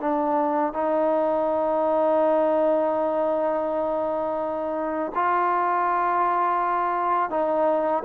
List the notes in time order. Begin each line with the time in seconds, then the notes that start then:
0.00 D4
0.73 D#4
5.15 F4
7.30 D#4